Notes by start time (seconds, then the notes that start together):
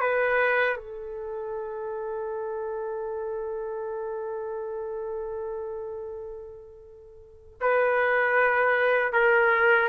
0.00 B4
0.76 A4
7.61 B4
9.13 A#4